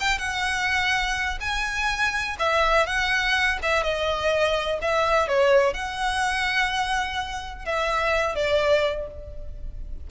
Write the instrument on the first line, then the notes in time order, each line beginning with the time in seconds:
violin
0.00 G5
0.19 F#5
1.40 G#5
2.39 E5
2.86 F#5
3.62 E5
3.83 D#5
4.82 E5
5.28 C#5
5.73 F#5
7.65 E5
8.35 D5